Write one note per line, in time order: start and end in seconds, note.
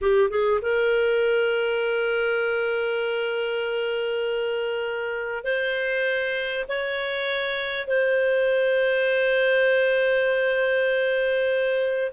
0.01 0.30 G4
0.30 0.60 G#4
0.61 5.44 A#4
5.44 6.65 C5
6.68 7.87 C#5
7.87 12.11 C5